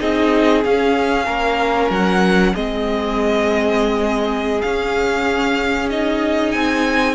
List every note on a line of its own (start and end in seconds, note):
0.00 0.65 C4
0.00 0.64 D#4
0.00 1.26 G#4
0.00 0.64 D#5
0.64 2.56 C#4
0.64 1.28 C#4
0.64 1.91 F5
1.26 1.91 A#3
1.26 2.53 A#4
1.91 2.54 F#3
1.91 2.55 F#5
2.55 4.62 G#3
2.55 4.63 C4
2.55 7.15 G#4
2.55 4.62 D#5
4.62 5.92 C#4
4.62 6.55 C#4
4.62 5.90 F5
5.90 7.15 D#4
5.90 6.52 D#5
6.52 7.15 C4
6.52 7.15 G#5